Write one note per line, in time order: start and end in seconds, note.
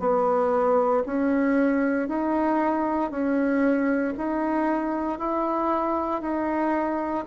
0.00 1.03 B3
1.06 2.09 C#4
2.09 3.11 D#4
3.11 4.14 C#4
4.18 5.19 D#4
5.19 6.21 E4
6.21 7.25 D#4